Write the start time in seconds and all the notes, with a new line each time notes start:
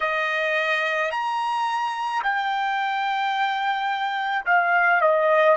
0.00 D#5
1.11 A#5
2.23 G5
4.45 F5
5.01 D#5